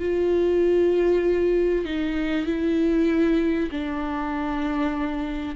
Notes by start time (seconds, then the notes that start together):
0.00 F4
1.86 D#4
2.46 E4
3.71 D4